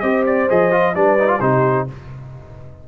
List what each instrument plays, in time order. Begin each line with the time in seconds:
0.00 tuba C4, trombone G4, horn C5, trumpet D#5
0.26 trumpet D5
0.49 tuba F3, trombone G#4, trumpet D#5
0.72 trombone F4
0.95 tuba G3, trombone D4, horn B4, trumpet D5
1.19 trombone D#4
1.28 trombone F4
1.40 tuba C3, trombone D#4, horn G4, trumpet C5